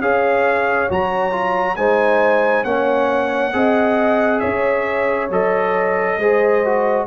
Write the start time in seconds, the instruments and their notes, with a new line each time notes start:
0.00 tuba C#4, trombone G#4, horn C#5, trumpet F5
0.89 tuba F#3, trombone F#4, trumpet A#5
1.32 trombone F4
1.76 tuba G#3, trombone D#4, horn C5, trumpet G#5
2.64 tuba A#3, trombone C#4, horn C#5, trumpet F#5
3.53 tuba C4, trombone G#4, horn D#5
4.39 tuba C#4, horn C#5, trumpet E5
5.30 tuba F#3, trombone A4, trumpet D#5
6.17 tuba G#3, trombone G#4, horn C5
6.65 trombone F#4